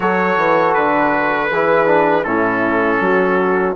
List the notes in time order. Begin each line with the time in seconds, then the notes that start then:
0.00 F#3 F#4 A4 C#5
0.37 E3
0.74 D3 B4
1.50 E3 E4 G#4
1.86 D4
2.24 A2 C#4 E4 A4
3.00 F#3 F#4